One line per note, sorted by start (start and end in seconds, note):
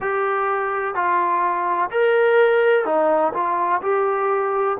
0.00 0.94 G4
0.94 1.90 F4
1.90 2.85 A#4
2.85 3.32 D#4
3.33 3.81 F4
3.81 4.77 G4